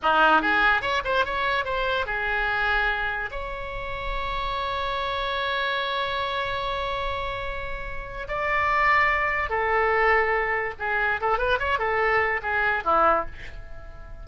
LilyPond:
\new Staff \with { instrumentName = "oboe" } { \time 4/4 \tempo 4 = 145 dis'4 gis'4 cis''8 c''8 cis''4 | c''4 gis'2. | cis''1~ | cis''1~ |
cis''1 | d''2. a'4~ | a'2 gis'4 a'8 b'8 | cis''8 a'4. gis'4 e'4 | }